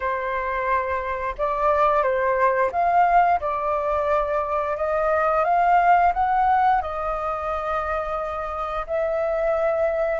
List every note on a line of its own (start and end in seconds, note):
0.00 1.35 C5
1.38 2.02 D5
2.02 2.71 C5
2.71 3.40 F5
3.40 4.76 D5
4.77 5.44 D#5
5.44 6.12 F5
6.13 6.81 F#5
6.81 8.86 D#5
8.86 10.20 E5